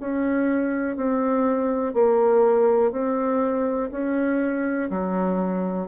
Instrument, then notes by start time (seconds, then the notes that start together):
bassoon
0.00 C#4
0.97 C4
1.94 A#3
2.92 C4
3.91 C#4
4.90 F#3